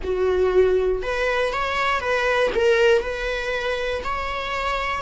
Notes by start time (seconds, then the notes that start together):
0.03 F#4
1.02 B4
1.52 C#5
2.00 B4
2.54 A#4
3.02 B4
4.04 C#5